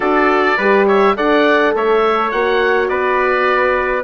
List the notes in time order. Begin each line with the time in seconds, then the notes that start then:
0.00 D4 F#4 A4 D5
0.57 G3 G4 B4
0.87 C#5 E5
1.16 D4 A4 D5 F#5
1.75 A3 C#5 E5
2.31 A#3 F#4 F#5
2.88 B3 B4 D5